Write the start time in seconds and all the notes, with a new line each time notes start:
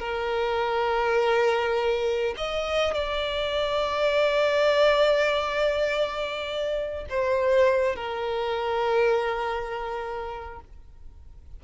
0.00 A#4
2.38 D#5
2.94 D5
7.10 C5
7.96 A#4